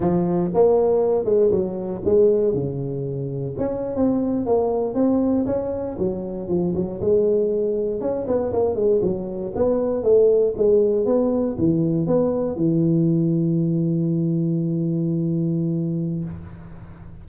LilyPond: \new Staff \with { instrumentName = "tuba" } { \time 4/4 \tempo 4 = 118 f4 ais4. gis8 fis4 | gis4 cis2 cis'8. c'16~ | c'8. ais4 c'4 cis'4 fis16~ | fis8. f8 fis8 gis2 cis'16~ |
cis'16 b8 ais8 gis8 fis4 b4 a16~ | a8. gis4 b4 e4 b16~ | b8. e2.~ e16~ | e1 | }